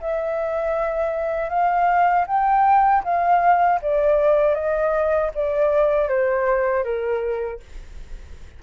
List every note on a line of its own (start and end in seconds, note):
0.00 1.49 E5
1.49 2.25 F5
2.27 3.03 G5
3.03 3.79 F5
3.81 4.54 D5
4.54 5.30 D#5
5.34 6.08 D5
6.08 6.84 C5
6.84 7.59 A#4